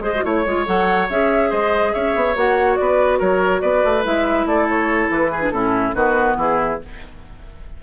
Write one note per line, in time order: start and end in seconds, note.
0.00 0.21 G#3
0.00 0.13 G#4
0.00 0.24 C5
0.00 0.24 D#5
0.15 0.24 F#4
0.24 0.46 A3
0.24 0.45 E4
0.24 0.67 C#5
0.24 1.50 C#5
0.46 0.67 G#3
0.46 0.66 F4
0.66 1.10 F#3
0.66 1.08 A4
0.66 1.09 F#5
1.10 1.52 C#4
1.10 2.36 G#4
1.10 1.52 E5
1.50 1.94 G#3
1.50 1.92 C5
1.50 1.94 D#5
1.94 2.15 C#4
1.94 2.78 C#5
1.94 2.36 E5
2.15 2.36 B3
2.36 2.78 A#3
2.36 4.04 F#4
2.36 2.76 F#5
2.76 3.21 B3
2.76 3.19 B4
2.76 3.18 D5
3.19 3.62 F#3
3.19 3.61 A#4
3.19 3.61 C#5
3.61 3.84 B3
3.61 4.46 B4
3.61 4.03 D5
3.85 4.06 A3
4.04 4.46 G#3
4.04 5.40 E4
4.04 4.47 E5
4.46 5.09 A3
4.46 5.32 A4
4.46 4.68 D5
4.69 5.11 C#5
5.10 5.52 E3
5.10 5.50 B4
5.32 5.53 G#4
5.40 5.51 D4
5.50 5.94 A2
5.50 5.95 C#4
5.50 5.95 E4
5.50 5.93 A4
5.95 6.36 D#3
5.95 6.80 B3
5.95 6.37 F#4
5.95 6.37 B4
6.36 6.78 E3
6.36 6.80 E4
6.36 6.83 G#4